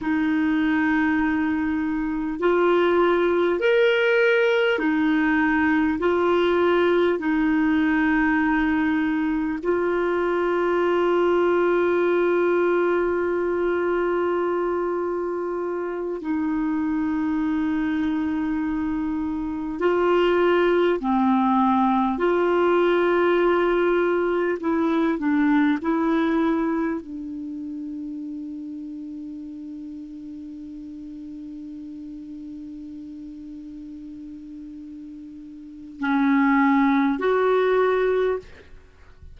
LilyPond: \new Staff \with { instrumentName = "clarinet" } { \time 4/4 \tempo 4 = 50 dis'2 f'4 ais'4 | dis'4 f'4 dis'2 | f'1~ | f'4. dis'2~ dis'8~ |
dis'8 f'4 c'4 f'4.~ | f'8 e'8 d'8 e'4 d'4.~ | d'1~ | d'2 cis'4 fis'4 | }